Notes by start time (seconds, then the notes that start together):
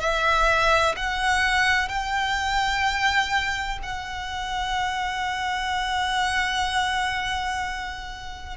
0.00 E5
0.97 F#5
1.88 G5
3.83 F#5